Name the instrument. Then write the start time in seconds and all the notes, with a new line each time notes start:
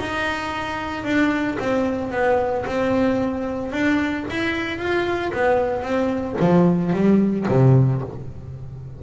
double bass
0.00 D#4
1.04 D4
1.59 C4
2.12 B3
2.66 C4
3.72 D4
4.30 E4
4.79 F4
5.33 B3
5.83 C4
6.40 F3
6.93 G3
7.49 C3